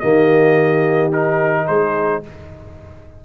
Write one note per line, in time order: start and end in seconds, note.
0.00 1.69 D#3
0.00 1.12 A#3
0.00 1.68 G4
0.00 1.11 D#5
1.12 2.23 D#4
1.12 1.67 A#4
1.67 2.25 G#3
1.67 2.23 G#4
1.67 2.23 C5